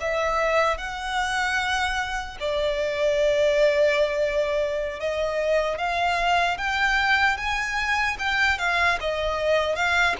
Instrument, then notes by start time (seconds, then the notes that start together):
violin
0.00 E5
0.77 F#5
2.40 D5
5.00 D#5
5.78 F5
6.57 G5
7.37 G#5
8.19 G5
8.58 F5
9.00 D#5
9.76 F5